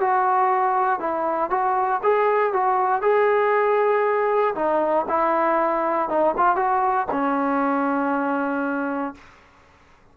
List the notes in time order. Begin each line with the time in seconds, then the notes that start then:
0.00 F#4
1.00 E4
1.50 F#4
2.03 G#4
2.53 F#4
3.02 G#4
4.55 D#4
5.09 E4
6.09 D#4
6.37 F4
6.56 F#4
7.11 C#4